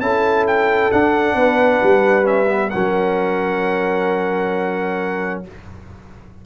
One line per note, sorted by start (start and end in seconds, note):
0.00 0.91 C#4
0.00 0.91 E4
0.00 1.37 A4
0.00 0.45 A5
0.47 0.91 G5
0.91 1.34 D4
0.91 2.23 D4
0.91 2.26 F#5
1.34 1.79 B3
1.34 2.72 B4
1.83 2.73 G3
2.23 2.45 C#4
2.23 2.70 E5
2.47 2.70 B3
2.70 5.45 F#3
2.70 5.44 C#4
2.70 5.45 A#4
2.70 5.40 F#5